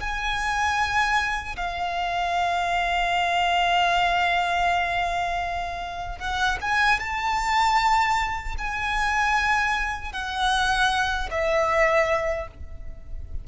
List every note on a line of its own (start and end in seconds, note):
0.00 1.56 G#5
1.57 6.19 F5
6.19 6.58 F#5
6.62 7.00 G#5
7.00 8.56 A5
8.58 10.12 G#5
10.12 11.29 F#5
11.31 12.48 E5